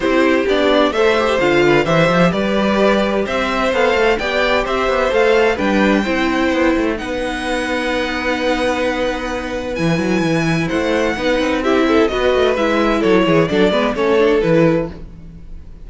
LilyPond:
<<
  \new Staff \with { instrumentName = "violin" } { \time 4/4 \tempo 4 = 129 c''4 d''4 e''4 f''4 | e''4 d''2 e''4 | f''4 g''4 e''4 f''4 | g''2. fis''4~ |
fis''1~ | fis''4 gis''2 fis''4~ | fis''4 e''4 dis''4 e''4 | cis''4 d''4 cis''4 b'4 | }
  \new Staff \with { instrumentName = "violin" } { \time 4/4 g'2 c''4. b'8 | c''4 b'2 c''4~ | c''4 d''4 c''2 | b'4 c''2 b'4~ |
b'1~ | b'2. c''4 | b'4 g'8 a'8 b'2 | a'8 gis'8 a'8 b'8 a'2 | }
  \new Staff \with { instrumentName = "viola" } { \time 4/4 e'4 d'4 a'8 g'8 f'4 | g'1 | a'4 g'2 a'4 | d'4 e'2 dis'4~ |
dis'1~ | dis'4 e'2. | dis'4 e'4 fis'4 e'4~ | e'4 d'8 b8 cis'8 d'8 e'4 | }
  \new Staff \with { instrumentName = "cello" } { \time 4/4 c'4 b4 a4 d4 | e8 f8 g2 c'4 | b8 a8 b4 c'8 b8 a4 | g4 c'4 b8 a8 b4~ |
b1~ | b4 e8 fis8 e4 a4 | b8 c'4. b8 a8 gis4 | fis8 e8 fis8 gis8 a4 e4 | }
>>